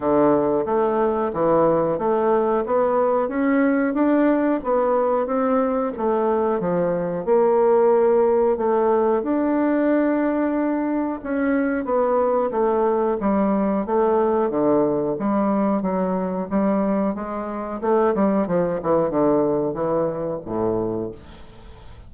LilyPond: \new Staff \with { instrumentName = "bassoon" } { \time 4/4 \tempo 4 = 91 d4 a4 e4 a4 | b4 cis'4 d'4 b4 | c'4 a4 f4 ais4~ | ais4 a4 d'2~ |
d'4 cis'4 b4 a4 | g4 a4 d4 g4 | fis4 g4 gis4 a8 g8 | f8 e8 d4 e4 a,4 | }